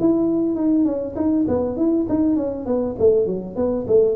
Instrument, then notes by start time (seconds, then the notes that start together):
tuba
0.00 E4
0.56 D#4
0.85 C#4
1.16 D#4
1.48 B3
1.77 E4
2.09 D#4
2.36 C#4
2.66 B3
2.99 A3
3.26 F#3
3.56 B3
3.88 A3